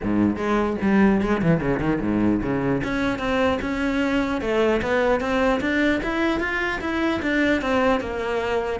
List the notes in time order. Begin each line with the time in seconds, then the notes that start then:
0.03 G#2
0.36 G#3
0.81 G3
1.21 G#3
1.42 E3
1.60 C#3
1.79 D#3
2.01 G#2
2.42 C#3
2.83 C#4
3.19 C4
3.61 C#4
4.41 A3
4.81 B3
5.20 C4
5.61 D4
6.03 E4
6.39 F4
6.80 E4
7.22 D4
7.61 C4
8.00 A#3